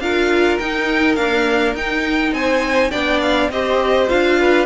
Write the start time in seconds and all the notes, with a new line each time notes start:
0.00 D4 F4 A#4 F5
0.59 D#4 G5
1.16 A#3 D4 F5
1.74 D#4 G5
2.32 C4 C5 G#5
2.91 B3 D4 D5 G5
3.21 F5
3.50 C4 G4 C5 D#5
4.08 D4 F4 F5
4.40 B4